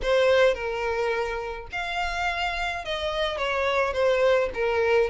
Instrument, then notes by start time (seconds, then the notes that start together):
violin
0.02 C5
0.54 A#4
1.72 F5
2.85 D#5
3.37 C#5
3.93 C5
4.53 A#4